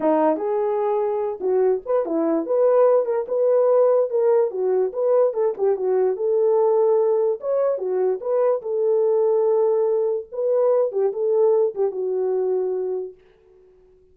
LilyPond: \new Staff \with { instrumentName = "horn" } { \time 4/4 \tempo 4 = 146 dis'4 gis'2~ gis'8 fis'8~ | fis'8 b'8 e'4 b'4. ais'8 | b'2 ais'4 fis'4 | b'4 a'8 g'8 fis'4 a'4~ |
a'2 cis''4 fis'4 | b'4 a'2.~ | a'4 b'4. g'8 a'4~ | a'8 g'8 fis'2. | }